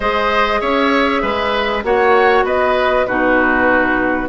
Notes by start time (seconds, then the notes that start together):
0.00 G#3 G#4 C5 D#5
0.60 C#4 C#5 E5
1.22 G#3 B4
1.83 A#3 F#4 C#5 F#5
2.44 B3 B4 D#5
3.06 B2 D#4 F#4 B4